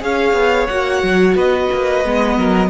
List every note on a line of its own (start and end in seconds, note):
0.00 0.33 C#4
0.00 0.67 G#4
0.00 1.36 C#5
0.00 0.67 F5
0.33 0.67 B3
0.67 1.02 A#3
0.67 2.04 F#4
0.67 1.34 F#5
1.02 1.35 F#3
1.35 1.68 B3
1.35 2.37 B4
1.35 2.69 D#5
1.73 2.04 A#3
2.04 2.37 G#3
2.04 2.69 B3
2.37 2.69 F#3
2.37 2.69 A#4